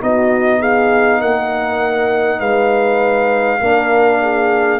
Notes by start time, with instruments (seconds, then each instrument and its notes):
0.00 tuba B3, trombone D#4, horn F#4, trumpet D#5
0.59 horn G#4, trumpet F5
1.20 tuba A#3, horn A#4, trumpet F#5
2.39 tuba G#3, horn B4, trumpet F5
3.60 tuba A#3, trombone D4, horn A#4
4.21 horn G#4